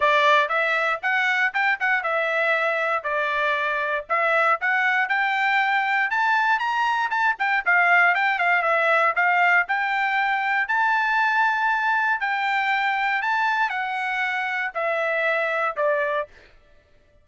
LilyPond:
\new Staff \with { instrumentName = "trumpet" } { \time 4/4 \tempo 4 = 118 d''4 e''4 fis''4 g''8 fis''8 | e''2 d''2 | e''4 fis''4 g''2 | a''4 ais''4 a''8 g''8 f''4 |
g''8 f''8 e''4 f''4 g''4~ | g''4 a''2. | g''2 a''4 fis''4~ | fis''4 e''2 d''4 | }